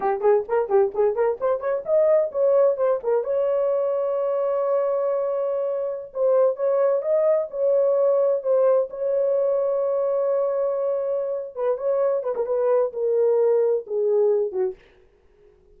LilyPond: \new Staff \with { instrumentName = "horn" } { \time 4/4 \tempo 4 = 130 g'8 gis'8 ais'8 g'8 gis'8 ais'8 c''8 cis''8 | dis''4 cis''4 c''8 ais'8 cis''4~ | cis''1~ | cis''4~ cis''16 c''4 cis''4 dis''8.~ |
dis''16 cis''2 c''4 cis''8.~ | cis''1~ | cis''4 b'8 cis''4 b'16 ais'16 b'4 | ais'2 gis'4. fis'8 | }